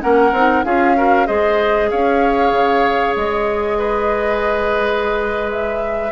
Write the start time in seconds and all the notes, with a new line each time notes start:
0.00 A#3 C#4 A#4 F#5
0.32 C4 D#4
0.64 C#4 F4 G#4 F5
0.96 F#4 A#4
1.26 G#3 G#4 C5 D#5
1.90 C#4 C#5 F5
2.51 C#3
3.15 G#3 D#5
3.78 B4
5.51 E5